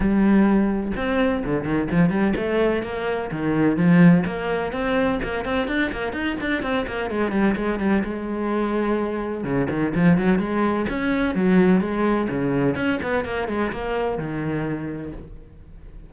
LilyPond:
\new Staff \with { instrumentName = "cello" } { \time 4/4 \tempo 4 = 127 g2 c'4 d8 dis8 | f8 g8 a4 ais4 dis4 | f4 ais4 c'4 ais8 c'8 | d'8 ais8 dis'8 d'8 c'8 ais8 gis8 g8 |
gis8 g8 gis2. | cis8 dis8 f8 fis8 gis4 cis'4 | fis4 gis4 cis4 cis'8 b8 | ais8 gis8 ais4 dis2 | }